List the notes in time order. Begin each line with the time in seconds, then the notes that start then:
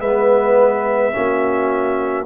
0.00 G#3 B3 B4 E5
1.12 A#3 C#4 F#4